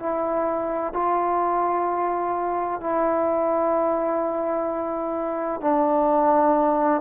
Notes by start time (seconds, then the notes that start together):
0.00 E4
0.94 F4
2.81 E4
5.61 D4